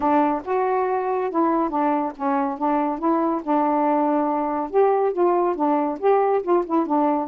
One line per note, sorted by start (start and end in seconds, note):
0.00 0.42 D4
0.45 1.30 F#4
1.30 1.69 E4
1.69 2.12 D4
2.16 2.58 C#4
2.58 2.98 D4
2.98 3.41 E4
3.43 4.70 D4
4.70 5.12 G4
5.12 5.55 F4
5.55 5.98 D4
5.99 6.42 G4
6.42 6.64 F4
6.65 6.86 E4
6.86 7.28 D4